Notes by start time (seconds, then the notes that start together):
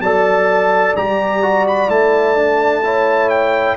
0.00 F#3 A4 D5 A5
0.96 G3 G4 A#5
1.42 F#4
1.67 B5
1.89 A3 E4 A5
2.36 D4
2.84 E4 C#5
3.29 G5